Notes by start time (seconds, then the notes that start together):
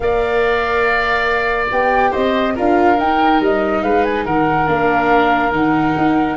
0.00 A#3 A#4 D5 F5
1.69 B3 G4 G5
2.10 C4 C5 D#5
2.55 D4 F4 A#4 F5
2.98 D#4 G5
3.40 G3 D#5
3.82 G#3 B4 F5
4.04 G#5
4.25 D#3 A#4 F#5
4.66 A#3 D4 F5
5.51 D#3 D#4 F#5
5.97 D#4